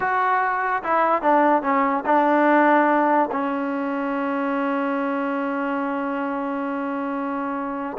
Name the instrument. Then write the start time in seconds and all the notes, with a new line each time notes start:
trombone
0.00 F#4
0.83 E4
1.22 D4
1.62 C#4
2.05 D4
3.31 C#4